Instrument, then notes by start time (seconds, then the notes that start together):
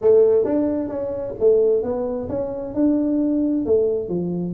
tuba
0.01 A3
0.44 D4
0.88 C#4
1.39 A3
1.82 B3
2.29 C#4
2.74 D4
3.65 A3
4.08 F3